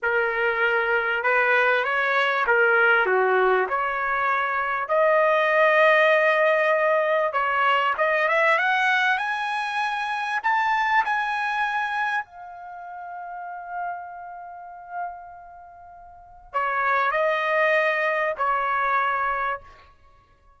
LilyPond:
\new Staff \with { instrumentName = "trumpet" } { \time 4/4 \tempo 4 = 98 ais'2 b'4 cis''4 | ais'4 fis'4 cis''2 | dis''1 | cis''4 dis''8 e''8 fis''4 gis''4~ |
gis''4 a''4 gis''2 | f''1~ | f''2. cis''4 | dis''2 cis''2 | }